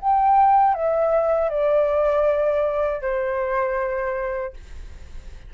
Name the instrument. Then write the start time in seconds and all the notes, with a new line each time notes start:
flute
0.00 G5
0.75 E5
1.50 D5
3.02 C5